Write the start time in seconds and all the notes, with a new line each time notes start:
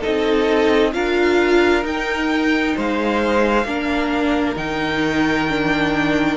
0.00 C4 D#4 A4 D#5
0.93 D4 F4 A#4 F5
1.83 D#4 G5
2.76 G#3 C5 F5
3.65 A#3 D4 A#4
4.55 D#3 D#4 G5
5.49 D4